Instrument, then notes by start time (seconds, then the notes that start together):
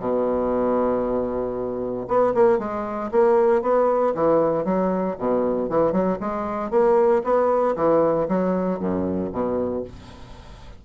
bassoon
0.00 B2
2.08 B3
2.35 A#3
2.59 G#3
3.12 A#3
3.62 B3
4.15 E3
4.65 F#3
5.19 B2
5.70 E3
5.92 F#3
6.21 G#3
6.71 A#3
7.24 B3
7.76 E3
8.29 F#3
8.80 F#2
9.32 B2